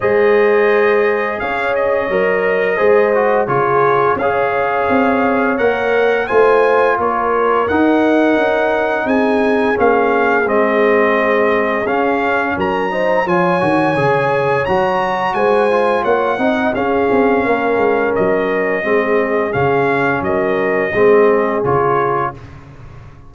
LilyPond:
<<
  \new Staff \with { instrumentName = "trumpet" } { \time 4/4 \tempo 4 = 86 dis''2 f''8 dis''4.~ | dis''4 cis''4 f''2 | fis''4 gis''4 cis''4 fis''4~ | fis''4 gis''4 f''4 dis''4~ |
dis''4 f''4 ais''4 gis''4~ | gis''4 ais''4 gis''4 fis''4 | f''2 dis''2 | f''4 dis''2 cis''4 | }
  \new Staff \with { instrumentName = "horn" } { \time 4/4 c''2 cis''2 | c''4 gis'4 cis''2~ | cis''4 c''4 ais'2~ | ais'4 gis'2.~ |
gis'2 ais'8 c''8 cis''4~ | cis''2 c''4 cis''8 dis''8 | gis'4 ais'2 gis'4~ | gis'4 ais'4 gis'2 | }
  \new Staff \with { instrumentName = "trombone" } { \time 4/4 gis'2. ais'4 | gis'8 fis'8 f'4 gis'2 | ais'4 f'2 dis'4~ | dis'2 cis'4 c'4~ |
c'4 cis'4. dis'8 f'8 fis'8 | gis'4 fis'4. f'4 dis'8 | cis'2. c'4 | cis'2 c'4 f'4 | }
  \new Staff \with { instrumentName = "tuba" } { \time 4/4 gis2 cis'4 fis4 | gis4 cis4 cis'4 c'4 | ais4 a4 ais4 dis'4 | cis'4 c'4 ais4 gis4~ |
gis4 cis'4 fis4 f8 dis8 | cis4 fis4 gis4 ais8 c'8 | cis'8 c'8 ais8 gis8 fis4 gis4 | cis4 fis4 gis4 cis4 | }
>>